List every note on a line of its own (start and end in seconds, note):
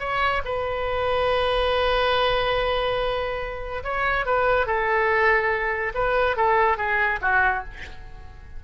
0.00 0.42 C#5
0.45 3.83 B4
3.84 4.26 C#5
4.26 4.66 B4
4.66 5.93 A4
5.95 6.36 B4
6.36 6.77 A4
6.77 7.19 G#4
7.22 7.64 F#4